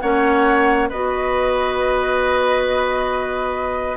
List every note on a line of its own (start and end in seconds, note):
0.00 0.91 A#3
0.00 0.90 C#4
0.00 0.89 C#5
0.00 0.88 F#5
0.89 3.96 B3
0.89 3.96 F#4
0.89 3.96 B4
0.89 3.96 D#5